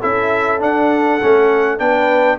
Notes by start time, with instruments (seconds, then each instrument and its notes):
0.00 tuba C#4, trombone E4, horn A4, trumpet E5
0.60 trombone D4, tuba D4, trumpet F#5
1.22 tuba A3, trombone C#4
1.79 tuba B3, trombone D4, horn B4, trumpet G5